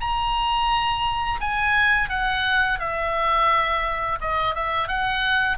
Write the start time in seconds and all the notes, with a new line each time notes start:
0.00 A#5
1.40 G#5
2.09 F#5
2.79 E5
4.21 D#5
4.54 E5
4.88 F#5